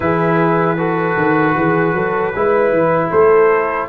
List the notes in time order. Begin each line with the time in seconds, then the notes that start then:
0.00 E3 E4 G#4 B4
0.78 F#4 A4
1.16 D#3
1.56 E3 G#4
1.93 F#3 A4
2.35 G#3 E4 B4
2.71 E3
3.10 A3 A4 C5